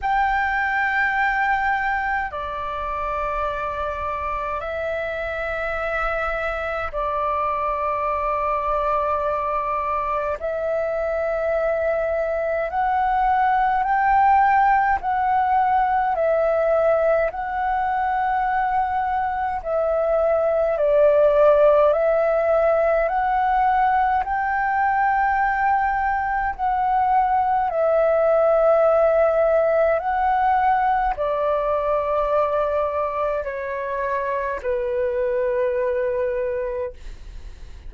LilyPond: \new Staff \with { instrumentName = "flute" } { \time 4/4 \tempo 4 = 52 g''2 d''2 | e''2 d''2~ | d''4 e''2 fis''4 | g''4 fis''4 e''4 fis''4~ |
fis''4 e''4 d''4 e''4 | fis''4 g''2 fis''4 | e''2 fis''4 d''4~ | d''4 cis''4 b'2 | }